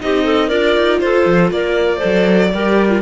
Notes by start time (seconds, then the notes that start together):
0.00 C4 D#4 G4 D#5
0.24 A4
0.48 D4 F4 A#4 D5
0.76 D#4
1.00 F4 A4 C5
1.26 F3
1.50 A#3 A#4 D5
1.97 A4 C5
2.04 F#3
2.53 G3 G4 A#4
2.90 F4